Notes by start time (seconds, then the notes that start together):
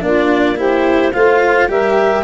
0.00 A#3 D4 F4 D5
0.56 E4 G4 C5
1.12 A3 F4 C5 F5
1.68 G3 G4 A#4 E5